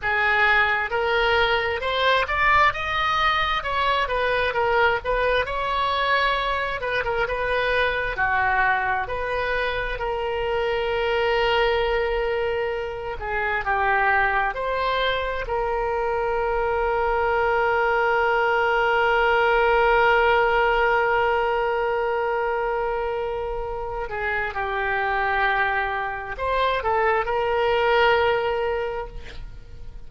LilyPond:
\new Staff \with { instrumentName = "oboe" } { \time 4/4 \tempo 4 = 66 gis'4 ais'4 c''8 d''8 dis''4 | cis''8 b'8 ais'8 b'8 cis''4. b'16 ais'16 | b'4 fis'4 b'4 ais'4~ | ais'2~ ais'8 gis'8 g'4 |
c''4 ais'2.~ | ais'1~ | ais'2~ ais'8 gis'8 g'4~ | g'4 c''8 a'8 ais'2 | }